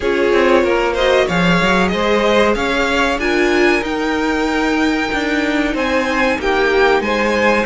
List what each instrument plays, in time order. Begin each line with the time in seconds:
0.00 cello C#4, viola F4, violin G#4 C#5
0.33 cello C4
0.63 cello A#3, violin A#4
0.93 viola F#4, violin C5 D#5
1.26 cello F3, viola G#4, violin C#5 F5
1.61 cello F#3
1.87 cello G#3, violin C5 D#5
2.54 cello C#4, violin C#5 F5
3.17 cello D4, viola F4, violin A#4 G#5
3.81 viola D#4, cello D#4, violin G5
5.12 cello D4
5.74 cello C4, violin C5 G#5
6.38 cello A#3, violin G4 G5
7.00 cello G#3, violin C5 G#5